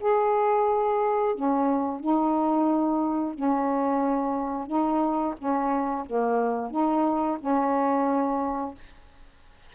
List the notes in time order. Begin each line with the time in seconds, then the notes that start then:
0.00 G#4
1.35 C#4
2.00 D#4
3.35 C#4
4.67 D#4
5.38 C#4
6.06 A#3
6.71 D#4
7.40 C#4